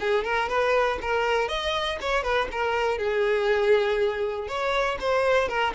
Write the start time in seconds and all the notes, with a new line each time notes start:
0.00 G#4
0.24 A#4
0.49 B4
1.02 A#4
1.48 D#5
2.01 C#5
2.23 B4
2.52 A#4
2.98 G#4
4.48 C#5
5.00 C5
5.48 A#4